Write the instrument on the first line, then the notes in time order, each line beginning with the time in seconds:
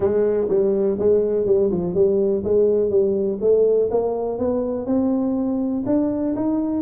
tuba
0.00 G#3
0.49 G3
0.98 G#3
1.46 G3
1.71 F3
1.94 G3
2.44 G#3
2.89 G3
3.41 A3
3.90 A#3
4.38 B3
4.86 C4
5.86 D4
6.35 D#4